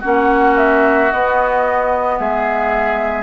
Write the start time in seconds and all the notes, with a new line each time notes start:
0.00 A#3 C#4 F#4 F#5
0.58 E5
1.12 B3 D#5
2.19 G#3 G#4 E5